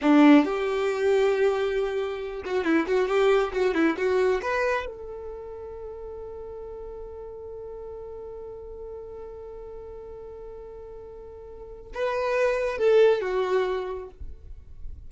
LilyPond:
\new Staff \with { instrumentName = "violin" } { \time 4/4 \tempo 4 = 136 d'4 g'2.~ | g'4. fis'8 e'8 fis'8 g'4 | fis'8 e'8 fis'4 b'4 a'4~ | a'1~ |
a'1~ | a'1~ | a'2. b'4~ | b'4 a'4 fis'2 | }